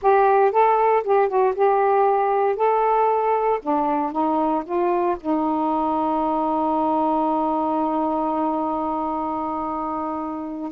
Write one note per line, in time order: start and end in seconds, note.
0.01 0.51 G4
0.51 1.03 A4
1.03 1.28 G4
1.28 1.54 F#4
1.55 2.56 G4
2.56 3.59 A4
3.62 4.11 D4
4.11 4.63 D#4
4.65 5.17 F4
5.20 10.71 D#4